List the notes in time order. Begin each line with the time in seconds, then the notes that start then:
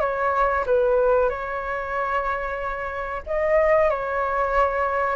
0.00 C#5
0.66 B4
1.29 C#5
3.26 D#5
3.90 C#5